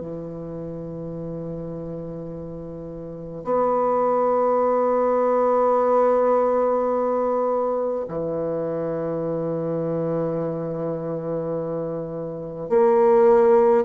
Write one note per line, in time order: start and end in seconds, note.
0.00 3.44 E3
3.44 8.06 B3
8.08 12.69 E3
12.69 13.85 A#3